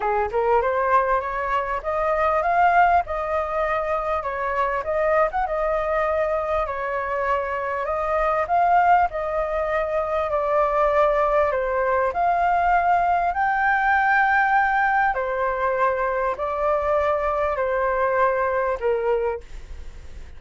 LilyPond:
\new Staff \with { instrumentName = "flute" } { \time 4/4 \tempo 4 = 99 gis'8 ais'8 c''4 cis''4 dis''4 | f''4 dis''2 cis''4 | dis''8. fis''16 dis''2 cis''4~ | cis''4 dis''4 f''4 dis''4~ |
dis''4 d''2 c''4 | f''2 g''2~ | g''4 c''2 d''4~ | d''4 c''2 ais'4 | }